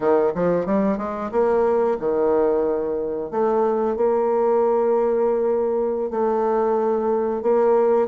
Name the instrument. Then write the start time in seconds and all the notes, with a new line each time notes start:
bassoon
0.00 D#3
0.34 F3
0.66 G3
0.97 G#3
1.31 A#3
1.99 D#3
3.30 A3
3.96 A#3
6.10 A3
7.42 A#3